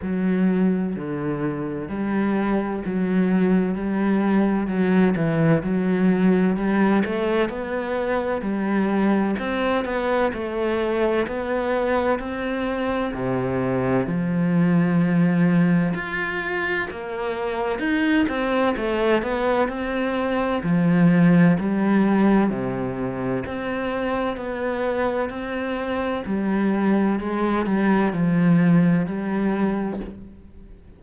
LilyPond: \new Staff \with { instrumentName = "cello" } { \time 4/4 \tempo 4 = 64 fis4 d4 g4 fis4 | g4 fis8 e8 fis4 g8 a8 | b4 g4 c'8 b8 a4 | b4 c'4 c4 f4~ |
f4 f'4 ais4 dis'8 c'8 | a8 b8 c'4 f4 g4 | c4 c'4 b4 c'4 | g4 gis8 g8 f4 g4 | }